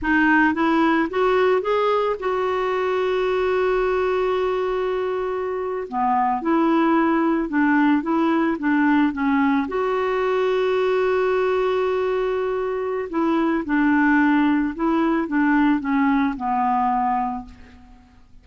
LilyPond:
\new Staff \with { instrumentName = "clarinet" } { \time 4/4 \tempo 4 = 110 dis'4 e'4 fis'4 gis'4 | fis'1~ | fis'2~ fis'8. b4 e'16~ | e'4.~ e'16 d'4 e'4 d'16~ |
d'8. cis'4 fis'2~ fis'16~ | fis'1 | e'4 d'2 e'4 | d'4 cis'4 b2 | }